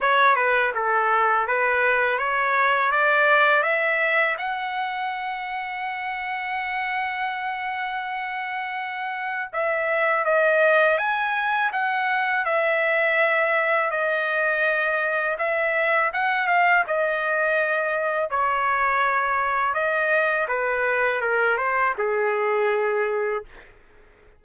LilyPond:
\new Staff \with { instrumentName = "trumpet" } { \time 4/4 \tempo 4 = 82 cis''8 b'8 a'4 b'4 cis''4 | d''4 e''4 fis''2~ | fis''1~ | fis''4 e''4 dis''4 gis''4 |
fis''4 e''2 dis''4~ | dis''4 e''4 fis''8 f''8 dis''4~ | dis''4 cis''2 dis''4 | b'4 ais'8 c''8 gis'2 | }